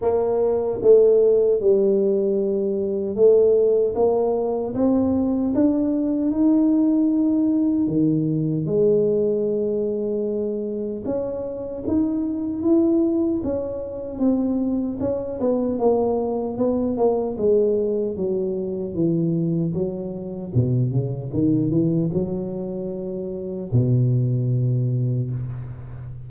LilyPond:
\new Staff \with { instrumentName = "tuba" } { \time 4/4 \tempo 4 = 76 ais4 a4 g2 | a4 ais4 c'4 d'4 | dis'2 dis4 gis4~ | gis2 cis'4 dis'4 |
e'4 cis'4 c'4 cis'8 b8 | ais4 b8 ais8 gis4 fis4 | e4 fis4 b,8 cis8 dis8 e8 | fis2 b,2 | }